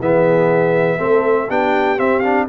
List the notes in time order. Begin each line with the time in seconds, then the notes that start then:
0.00 E3 B3 G#4 E5
0.98 A3 C4 A4
1.49 B3 D4 G4 G5
1.98 C4 E5
2.20 D4 F5